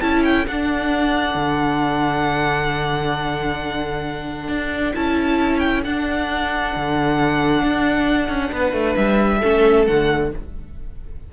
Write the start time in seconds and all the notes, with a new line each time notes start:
0.00 C#4 E4 A4 A5
0.24 G5
0.47 D4 F#5
1.35 D3
4.48 D4
4.94 C#4 E4 A5
5.59 G5
5.84 D4 F#5
6.76 D3
7.62 D4
8.28 C#4
8.52 B3 B4
8.73 A3
8.95 G3 E5
9.38 C#4 A4
9.44 A3
9.87 D3 A3 F#5